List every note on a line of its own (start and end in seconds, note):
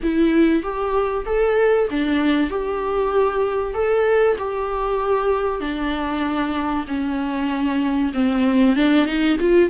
0.03 0.62 E4
0.62 1.25 G4
1.25 1.88 A4
1.90 2.49 D4
2.49 3.74 G4
3.74 4.36 A4
4.38 5.60 G4
5.60 6.85 D4
6.87 8.12 C#4
8.13 8.76 C4
8.76 9.05 D4
9.05 9.37 D#4
9.39 9.70 F4